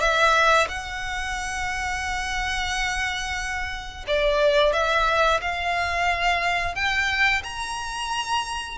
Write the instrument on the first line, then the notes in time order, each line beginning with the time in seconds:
violin
0.00 E5
0.68 F#5
4.07 D5
4.73 E5
5.41 F5
6.75 G5
7.43 A#5